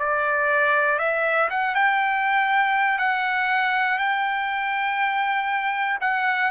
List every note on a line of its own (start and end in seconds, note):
0.00 1.00 D5
1.00 1.50 E5
1.51 1.75 F#5
1.75 2.99 G5
2.99 3.99 F#5
3.99 5.99 G5
6.01 6.51 F#5